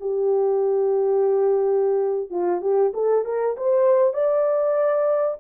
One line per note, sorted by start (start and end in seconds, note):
0.00 2.30 G4
2.30 2.61 F4
2.61 2.92 G4
2.94 3.24 A4
3.25 3.56 A#4
3.57 4.13 C5
4.13 5.37 D5